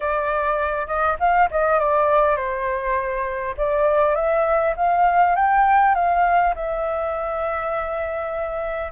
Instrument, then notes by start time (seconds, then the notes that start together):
flute
0.00 D5
0.86 D#5
1.19 F5
1.50 D#5
1.79 D5
2.36 C5
3.57 D5
4.14 E5
4.76 F5
5.35 G5
5.95 F5
6.55 E5